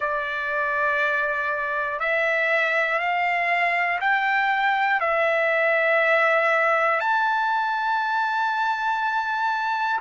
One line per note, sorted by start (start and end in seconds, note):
0.00 1.99 D5
1.99 2.99 E5
2.99 3.99 F5
4.00 5.00 G5
5.00 7.00 E5
7.00 10.00 A5